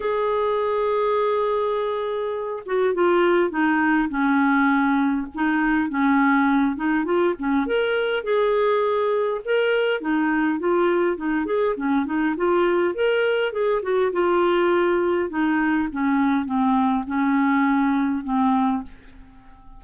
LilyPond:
\new Staff \with { instrumentName = "clarinet" } { \time 4/4 \tempo 4 = 102 gis'1~ | gis'8 fis'8 f'4 dis'4 cis'4~ | cis'4 dis'4 cis'4. dis'8 | f'8 cis'8 ais'4 gis'2 |
ais'4 dis'4 f'4 dis'8 gis'8 | cis'8 dis'8 f'4 ais'4 gis'8 fis'8 | f'2 dis'4 cis'4 | c'4 cis'2 c'4 | }